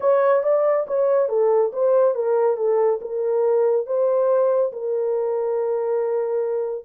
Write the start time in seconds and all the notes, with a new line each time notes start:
0.00 C#5
0.43 D5
0.87 C#5
1.28 A4
1.72 C5
2.14 A#4
2.56 A4
3.01 A#4
3.86 C5
4.72 A#4